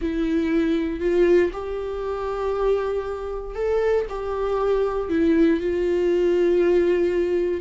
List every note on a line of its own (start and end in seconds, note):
0.01 1.00 E4
1.00 1.50 F4
1.53 3.55 G4
3.55 4.05 A4
4.09 5.09 G4
5.09 5.60 E4
5.60 7.61 F4